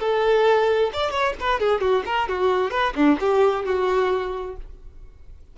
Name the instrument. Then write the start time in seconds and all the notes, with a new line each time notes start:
violin
0.00 A4
0.93 D5
1.11 C#5
1.40 B4
1.60 G#4
1.81 F#4
2.06 A#4
2.29 F#4
2.71 B4
2.95 D4
3.20 G4
3.65 F#4